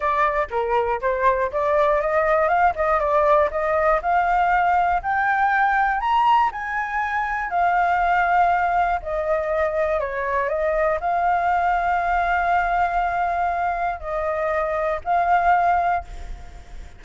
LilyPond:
\new Staff \with { instrumentName = "flute" } { \time 4/4 \tempo 4 = 120 d''4 ais'4 c''4 d''4 | dis''4 f''8 dis''8 d''4 dis''4 | f''2 g''2 | ais''4 gis''2 f''4~ |
f''2 dis''2 | cis''4 dis''4 f''2~ | f''1 | dis''2 f''2 | }